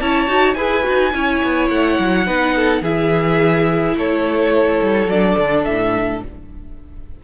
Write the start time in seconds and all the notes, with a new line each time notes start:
0.00 C#4 E4 C#5 A5
0.28 D#4 F#4
0.54 E4 G#4 B4 G#5
0.83 D#4 F#4
1.14 C#4 E4 C#5
1.44 B3
1.70 A3 F#5
1.99 F#3
2.27 B3 D#4 B4
2.56 A4
2.82 E3 E4 G#4 E5
3.96 A3 A4 C#5
4.82 G3
5.07 F#3 D4 D5
5.38 D3
5.65 A2 E5